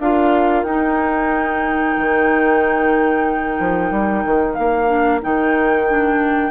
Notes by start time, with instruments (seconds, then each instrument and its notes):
0.00 bassoon D4, clarinet F4, oboe A#4, flute F5
0.64 bassoon D#4, clarinet D#4, flute G5
1.98 bassoon D#3
3.60 bassoon F3
3.91 bassoon G3
4.25 bassoon D#3
4.54 bassoon A#3, flute F5
4.88 clarinet D4
5.22 bassoon D#3, clarinet D#4, flute G5
5.88 clarinet D4